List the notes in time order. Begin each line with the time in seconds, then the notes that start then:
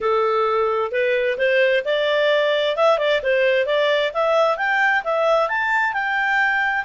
0.01 A4
0.91 B4
1.38 C5
1.84 D5
2.76 E5
2.98 D5
3.22 C5
3.66 D5
4.13 E5
4.57 G5
5.04 E5
5.48 A5
5.93 G5